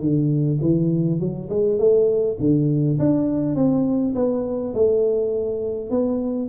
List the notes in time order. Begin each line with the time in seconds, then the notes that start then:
0.00 D3
0.61 E3
1.20 F#3
1.49 G#3
1.79 A3
2.40 D3
2.99 D4
3.56 C4
4.15 B3
4.74 A3
5.90 B3